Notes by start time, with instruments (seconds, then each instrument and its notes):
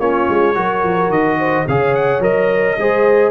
0.00 tuba A#3, trombone C#4, horn F4, trumpet C#5
0.30 tuba G#3
0.55 tuba F#3, trombone F#4, horn A#4
0.84 tuba F3
1.09 tuba D#3, trumpet D#5
1.40 horn C5
1.68 tuba C#3, trombone G#4, horn C#5, trumpet F5
1.95 trumpet F#5
2.20 tuba F#3, trombone A#4, trumpet D#5
2.79 tuba G#3, trombone G#4, horn C5